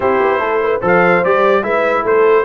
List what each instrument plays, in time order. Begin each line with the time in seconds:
0.00 tuba C4, trombone E4, horn G4, trumpet C5
0.20 tuba B3
0.39 tuba A3, horn A4
0.63 horn B4
0.81 tuba F3, trombone A4, horn C5
0.87 trumpet F5
1.24 tuba G3, trombone G4, trumpet D5
1.62 tuba G#3, trombone E4, horn B4, trumpet E5
2.03 tuba A3, horn A4, trumpet C5